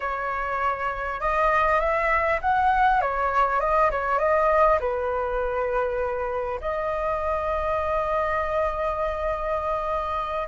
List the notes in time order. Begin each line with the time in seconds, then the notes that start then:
0.00 C#5
1.20 D#5
1.80 E5
2.41 F#5
3.01 C#5
3.60 D#5
3.91 C#5
4.18 D#5
4.80 B4
6.60 D#5